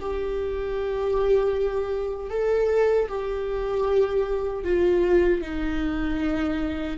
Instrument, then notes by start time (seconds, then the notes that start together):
viola
0.00 G4
2.30 A4
3.09 G4
4.64 F4
5.42 D#4